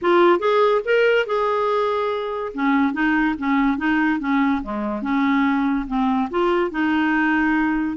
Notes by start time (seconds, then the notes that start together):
0.01 F4
0.39 G#4
0.84 A#4
1.26 G#4
2.54 C#4
2.93 D#4
3.38 C#4
3.77 D#4
4.19 C#4
4.62 G#3
5.02 C#4
5.87 C4
6.30 F4
6.70 D#4